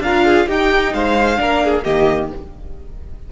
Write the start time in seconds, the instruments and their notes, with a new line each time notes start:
0.00 cello D4, viola F4, violin A#4 F5
0.26 violin G#4
0.47 cello D#4, viola D#4, violin G4 G5
0.94 cello G#3, violin C5 F5
1.37 cello A#3, viola D4, violin A#4
1.64 violin G#4
1.84 cello D#3, viola A#3, violin G4 D#5